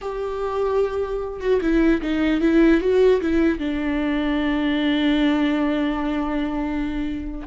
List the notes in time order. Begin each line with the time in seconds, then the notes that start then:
0.01 G4
1.40 F#4
1.61 E4
2.01 D#4
2.41 E4
2.80 F#4
3.21 E4
3.59 D4